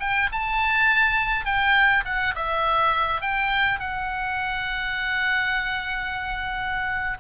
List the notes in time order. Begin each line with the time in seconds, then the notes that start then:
0.00 G5
0.32 A5
1.45 G5
2.05 F#5
2.35 E5
3.21 G5
3.79 F#5